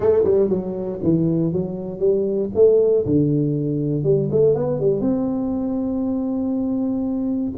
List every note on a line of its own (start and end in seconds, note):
0.00 0.23 A3
0.24 0.49 G3
0.49 0.99 F#3
1.03 1.52 E3
1.52 1.99 F#3
1.99 2.49 G3
2.54 3.05 A3
3.05 4.03 D3
4.03 4.29 G3
4.31 4.54 A3
4.54 4.79 B3
4.79 5.00 G3
5.00 7.52 C4